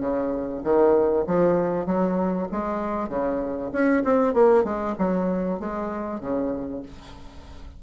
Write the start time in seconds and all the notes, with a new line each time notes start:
0.00 C#3
0.64 D#3
1.27 F3
1.86 F#3
2.52 G#3
3.09 C#3
3.73 C#4
4.04 C4
4.34 A#3
4.64 G#3
4.98 F#3
5.60 G#3
6.21 C#3